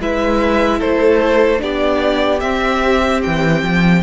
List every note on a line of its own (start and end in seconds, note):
0.00 0.81 G#3
0.00 1.58 E4
0.00 0.79 B4
0.00 0.81 E5
0.79 1.62 A3
0.79 1.60 A4
0.79 1.62 C5
1.58 2.42 B3
1.58 2.39 D4
1.58 4.03 G4
1.58 2.40 D5
2.40 3.23 C4
2.40 4.03 C4
2.40 3.21 E5
3.23 3.62 E3
3.23 4.03 G5
3.62 4.03 F3